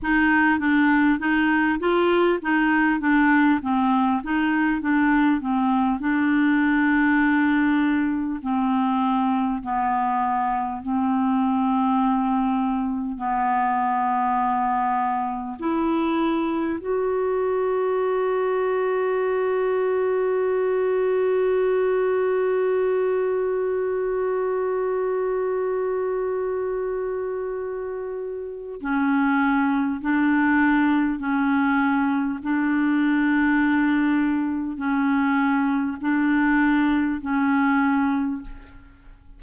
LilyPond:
\new Staff \with { instrumentName = "clarinet" } { \time 4/4 \tempo 4 = 50 dis'8 d'8 dis'8 f'8 dis'8 d'8 c'8 dis'8 | d'8 c'8 d'2 c'4 | b4 c'2 b4~ | b4 e'4 fis'2~ |
fis'1~ | fis'1 | cis'4 d'4 cis'4 d'4~ | d'4 cis'4 d'4 cis'4 | }